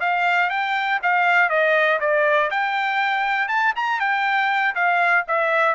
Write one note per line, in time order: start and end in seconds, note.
0.00 0.50 F5
0.50 1.00 G5
1.03 1.49 F5
1.49 1.99 D#5
2.00 2.50 D5
2.50 3.48 G5
3.48 3.73 A5
3.76 4.00 A#5
4.00 4.75 G5
4.75 5.25 F5
5.28 5.75 E5